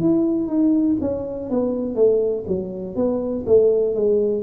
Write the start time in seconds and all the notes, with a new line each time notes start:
0.00 E4
0.47 D#4
1.01 C#4
1.50 B3
1.95 A3
2.47 F#3
2.96 B3
3.46 A3
3.95 G#3